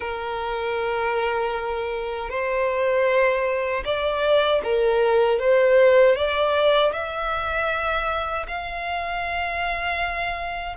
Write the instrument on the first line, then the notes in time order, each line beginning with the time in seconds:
violin
0.00 A#4
2.29 C5
3.85 D5
4.63 A#4
5.39 C5
6.15 D5
6.92 E5
8.47 F5